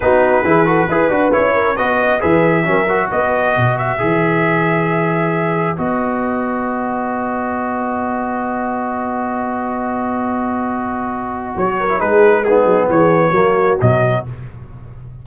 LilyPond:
<<
  \new Staff \with { instrumentName = "trumpet" } { \time 4/4 \tempo 4 = 135 b'2. cis''4 | dis''4 e''2 dis''4~ | dis''8 e''2.~ e''8~ | e''4 dis''2.~ |
dis''1~ | dis''1~ | dis''2 cis''4 b'4 | gis'4 cis''2 dis''4 | }
  \new Staff \with { instrumentName = "horn" } { \time 4/4 fis'4 gis'8 a'8 b'4. ais'8 | b'8 dis''8 b'4 ais'4 b'4~ | b'1~ | b'1~ |
b'1~ | b'1~ | b'2~ b'8 ais'8 gis'4 | dis'4 gis'4 fis'2 | }
  \new Staff \with { instrumentName = "trombone" } { \time 4/4 dis'4 e'8 fis'8 gis'8 fis'8 e'4 | fis'4 gis'4 cis'8 fis'4.~ | fis'4 gis'2.~ | gis'4 fis'2.~ |
fis'1~ | fis'1~ | fis'2~ fis'8. e'16 dis'4 | b2 ais4 fis4 | }
  \new Staff \with { instrumentName = "tuba" } { \time 4/4 b4 e4 e'8 d'8 cis'4 | b4 e4 fis4 b4 | b,4 e2.~ | e4 b2.~ |
b1~ | b1~ | b2 fis4 gis4~ | gis8 fis8 e4 fis4 b,4 | }
>>